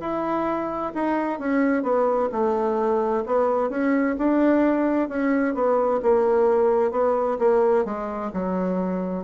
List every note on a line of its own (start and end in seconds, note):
0.00 0.92 E4
0.94 1.39 D#4
1.39 1.83 C#4
1.83 2.29 B3
2.32 3.24 A3
3.26 3.70 B3
3.70 4.16 C#4
4.17 5.09 D4
5.09 5.54 C#4
5.54 6.00 B3
6.02 6.91 A#3
6.91 7.37 B3
7.39 7.85 A#3
7.85 8.31 G#3
8.33 9.23 F#3